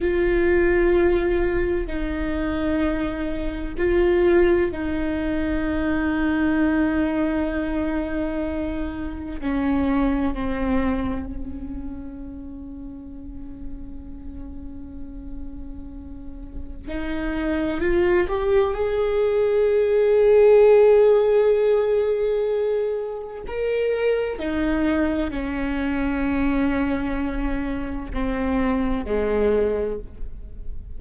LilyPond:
\new Staff \with { instrumentName = "viola" } { \time 4/4 \tempo 4 = 64 f'2 dis'2 | f'4 dis'2.~ | dis'2 cis'4 c'4 | cis'1~ |
cis'2 dis'4 f'8 g'8 | gis'1~ | gis'4 ais'4 dis'4 cis'4~ | cis'2 c'4 gis4 | }